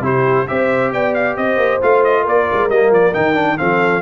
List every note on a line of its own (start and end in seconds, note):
0.00 0.44 C3
0.00 0.47 E4
0.00 0.49 G4
0.00 0.47 C5
0.47 0.92 C4
0.47 1.81 G4
0.47 0.93 C5
0.47 0.91 E5
0.92 1.37 B3
0.92 1.38 D5
0.92 1.14 G5
1.14 1.36 F5
1.36 1.57 C4
1.36 2.22 C5
1.36 1.81 D#5
1.57 1.79 A#3
1.81 2.27 A3
1.81 2.70 F4
1.81 2.04 F5
2.04 2.26 D#5
2.22 2.49 A#3
2.22 3.55 A#4
2.22 2.70 D5
2.52 2.69 G#3
2.69 2.91 G3
2.69 3.13 A#3
2.69 2.92 D#5
2.91 3.13 F3
2.91 3.14 D5
3.13 3.60 D#3
3.13 3.35 D#4
3.13 3.58 G5
3.35 3.57 D4
3.58 4.02 F3
3.58 4.02 C4
3.58 4.02 A4
3.58 4.02 F5